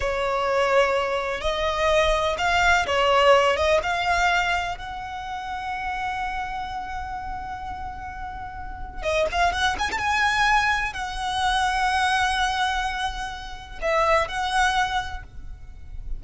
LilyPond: \new Staff \with { instrumentName = "violin" } { \time 4/4 \tempo 4 = 126 cis''2. dis''4~ | dis''4 f''4 cis''4. dis''8 | f''2 fis''2~ | fis''1~ |
fis''2. dis''8 f''8 | fis''8 gis''16 a''16 gis''2 fis''4~ | fis''1~ | fis''4 e''4 fis''2 | }